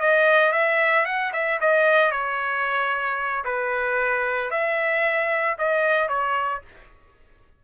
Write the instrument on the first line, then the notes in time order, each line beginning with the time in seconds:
trumpet
0.00 D#5
0.52 E5
1.05 F#5
1.33 E5
1.60 D#5
2.11 C#5
3.44 B4
4.51 E5
5.58 D#5
6.08 C#5